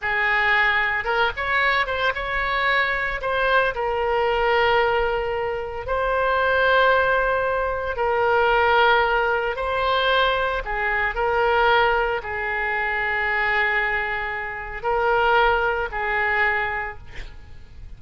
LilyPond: \new Staff \with { instrumentName = "oboe" } { \time 4/4 \tempo 4 = 113 gis'2 ais'8 cis''4 c''8 | cis''2 c''4 ais'4~ | ais'2. c''4~ | c''2. ais'4~ |
ais'2 c''2 | gis'4 ais'2 gis'4~ | gis'1 | ais'2 gis'2 | }